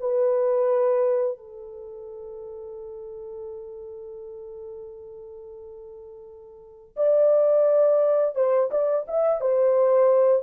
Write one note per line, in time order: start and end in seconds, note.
0.00 1.37 B4
1.37 6.95 A4
6.96 8.35 D5
8.35 8.70 C5
8.71 9.05 D5
9.07 9.41 E5
9.41 10.43 C5